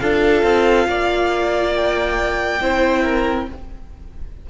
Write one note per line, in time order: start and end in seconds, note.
0.00 0.43 D4
0.00 2.61 F4
0.00 0.88 A4
0.00 1.74 F5
0.43 0.87 C4
0.87 2.61 A#3
0.87 2.63 D5
1.76 3.50 G5
2.61 3.48 C4
2.61 3.48 E4
2.61 3.04 C5
3.04 3.47 A#4